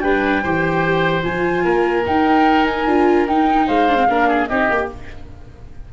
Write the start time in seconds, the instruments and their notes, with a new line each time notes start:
0.00 tuba G3, viola D4, oboe B4, flute G5
0.42 tuba E3, viola G4, oboe C5
1.22 tuba F3, viola F4, flute G#5
1.64 tuba A#3, oboe A#4
2.05 viola D#4, tuba D#4, flute G5
2.65 flute G#5
2.87 tuba D4, viola F4
3.27 tuba D#4, viola D#4, flute G5
3.66 tuba G#3, oboe C5, flute F5
3.89 viola D4
3.95 viola C4
4.08 tuba A#3, viola D4, oboe A#4
4.28 oboe G#4
4.47 tuba C4, viola D#4, oboe G4, flute D#5
4.69 tuba A#3, viola G4